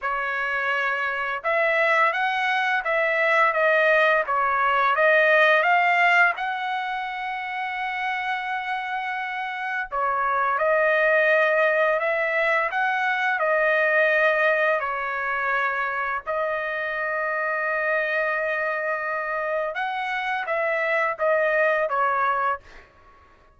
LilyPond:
\new Staff \with { instrumentName = "trumpet" } { \time 4/4 \tempo 4 = 85 cis''2 e''4 fis''4 | e''4 dis''4 cis''4 dis''4 | f''4 fis''2.~ | fis''2 cis''4 dis''4~ |
dis''4 e''4 fis''4 dis''4~ | dis''4 cis''2 dis''4~ | dis''1 | fis''4 e''4 dis''4 cis''4 | }